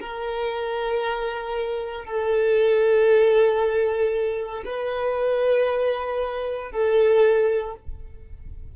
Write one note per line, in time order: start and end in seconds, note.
0.00 2.05 A#4
2.05 4.63 A4
4.65 6.71 B4
6.71 7.74 A4